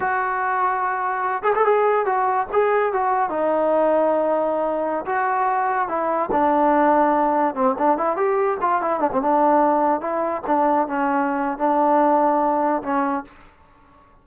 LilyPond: \new Staff \with { instrumentName = "trombone" } { \time 4/4 \tempo 4 = 145 fis'2.~ fis'8 gis'16 a'16 | gis'4 fis'4 gis'4 fis'4 | dis'1~ | dis'16 fis'2 e'4 d'8.~ |
d'2~ d'16 c'8 d'8 e'8 g'16~ | g'8. f'8 e'8 d'16 c'16 d'4.~ d'16~ | d'16 e'4 d'4 cis'4.~ cis'16 | d'2. cis'4 | }